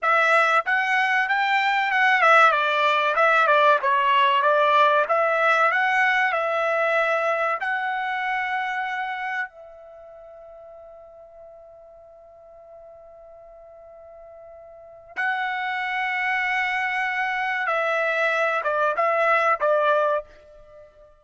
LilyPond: \new Staff \with { instrumentName = "trumpet" } { \time 4/4 \tempo 4 = 95 e''4 fis''4 g''4 fis''8 e''8 | d''4 e''8 d''8 cis''4 d''4 | e''4 fis''4 e''2 | fis''2. e''4~ |
e''1~ | e''1 | fis''1 | e''4. d''8 e''4 d''4 | }